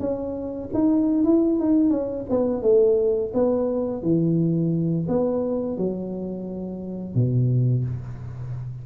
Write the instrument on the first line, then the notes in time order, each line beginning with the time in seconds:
tuba
0.00 C#4
0.74 D#4
1.25 E4
1.60 D#4
1.91 C#4
2.30 B3
2.63 A3
3.34 B3
4.03 E3
5.09 B3
5.78 F#3
7.15 B2